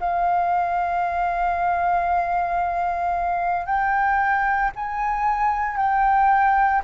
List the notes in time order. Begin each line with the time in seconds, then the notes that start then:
0.00 F5
3.66 G5
4.76 G#5
5.77 G5